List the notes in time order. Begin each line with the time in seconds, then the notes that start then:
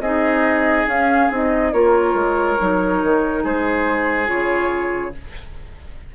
0.00 C4 D#4 G#4 D#5
0.87 C#4 F5
1.31 C4 D#4 D#5
1.73 A#3 F4 A#4 C#5
2.14 G#3
2.59 F#3 D#4
3.03 D#3
3.44 G#3 G#4 C5
4.26 C#3 F4 C#5